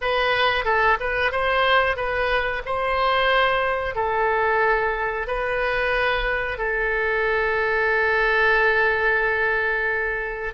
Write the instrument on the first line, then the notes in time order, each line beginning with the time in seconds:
oboe
0.01 B4
0.64 A4
1.00 B4
1.31 C5
1.96 B4
2.65 C5
3.95 A4
5.27 B4
6.58 A4